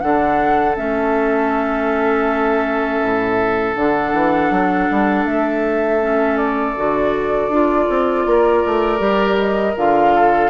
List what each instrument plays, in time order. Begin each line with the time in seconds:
0.00 bassoon D3, clarinet D4, oboe A4, flute F#5
0.76 bassoon A3, clarinet C#4, flute E5
3.03 bassoon A2
3.76 bassoon D3, clarinet D4, flute F#5
4.13 bassoon E3
4.50 bassoon F#3
4.91 bassoon G3
5.25 bassoon A3, flute E5
6.01 clarinet C#4
6.37 flute D5
6.76 bassoon D3, clarinet F#4
7.48 bassoon D4, clarinet F4
7.89 bassoon C4
8.26 bassoon A#3, oboe A#4
8.65 bassoon A3
8.98 bassoon G3, clarinet G4
9.38 flute D#5
9.77 bassoon D3, clarinet F4, flute F5
10.14 oboe A4